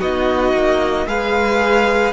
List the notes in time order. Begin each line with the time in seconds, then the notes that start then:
0.00 B3 D#4 F#4 D#5
0.53 A#3
1.06 G#3 G#4 B4 F5